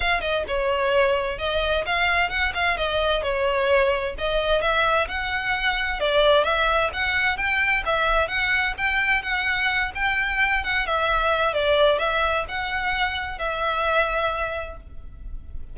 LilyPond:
\new Staff \with { instrumentName = "violin" } { \time 4/4 \tempo 4 = 130 f''8 dis''8 cis''2 dis''4 | f''4 fis''8 f''8 dis''4 cis''4~ | cis''4 dis''4 e''4 fis''4~ | fis''4 d''4 e''4 fis''4 |
g''4 e''4 fis''4 g''4 | fis''4. g''4. fis''8 e''8~ | e''4 d''4 e''4 fis''4~ | fis''4 e''2. | }